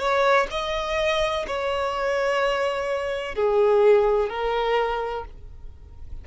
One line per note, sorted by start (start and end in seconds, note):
0.00 0.48 C#5
0.51 1.46 D#5
1.48 3.35 C#5
3.35 4.30 G#4
4.30 5.25 A#4